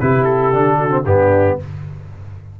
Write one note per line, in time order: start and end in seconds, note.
0.00 0.53 C3
0.00 0.52 E4
0.00 0.78 G4
0.00 0.24 B4
0.24 1.03 A4
0.52 1.05 D3
0.52 0.90 D4
0.78 1.05 F#4
0.90 1.03 C4
1.05 1.58 G2
1.05 1.60 B3
1.05 1.59 D4
1.05 1.59 G4